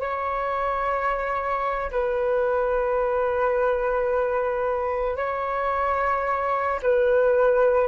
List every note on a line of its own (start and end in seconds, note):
0.00 1.91 C#5
1.91 5.16 B4
5.16 6.80 C#5
6.82 7.88 B4